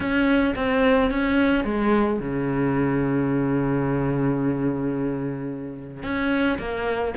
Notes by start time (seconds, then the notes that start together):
0.00 C#4
0.55 C4
1.10 C#4
1.64 G#3
2.19 C#3
6.03 C#4
6.58 A#3